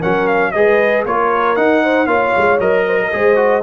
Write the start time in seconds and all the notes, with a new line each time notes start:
0.00 F#3 C#4 A#4 F#5
0.28 F5
0.52 G#3 G#4 B4 D#5
1.06 A#3 F4 A#4 C#5
1.56 D#4 F#5
1.84 C5
2.07 A#3 F4 C#5 F5
2.38 G#3
2.60 F#3 A#4 D#5
2.87 C5
3.01 A#4
3.13 G#3 G#4 C5
3.36 F#4